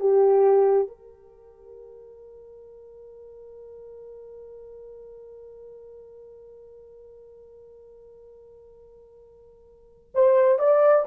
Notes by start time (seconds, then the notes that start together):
0.00 G4
0.88 A#4
10.15 C5
10.59 D5